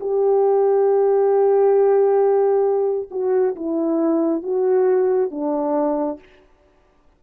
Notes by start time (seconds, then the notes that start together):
0.00 G4
3.11 F#4
3.55 E4
4.43 F#4
5.31 D4